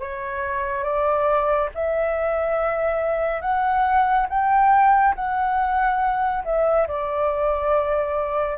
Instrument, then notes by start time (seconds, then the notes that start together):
flute
0.00 C#5
0.84 D5
1.74 E5
3.41 F#5
4.29 G5
5.15 F#5
6.44 E5
6.88 D5